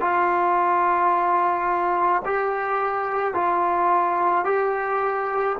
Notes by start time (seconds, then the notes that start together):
0.00 F4
2.25 G4
3.34 F4
4.44 G4